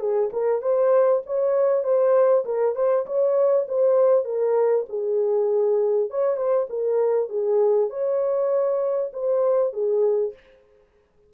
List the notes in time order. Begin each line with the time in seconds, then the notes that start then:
0.00 G#4
0.33 A#4
0.62 C5
1.26 C#5
1.84 C5
2.45 A#4
2.75 C5
3.06 C#5
3.68 C5
4.25 A#4
4.89 G#4
6.10 C#5
6.37 C5
6.69 A#4
7.29 G#4
7.90 C#5
9.13 C5
9.73 G#4